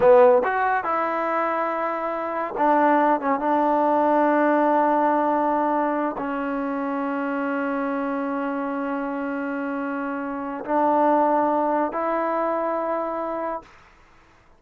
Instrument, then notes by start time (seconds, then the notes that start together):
trombone
0.00 B3
0.44 F#4
0.84 E4
2.57 D4
3.20 C#4
3.39 D4
6.17 C#4
10.64 D4
11.91 E4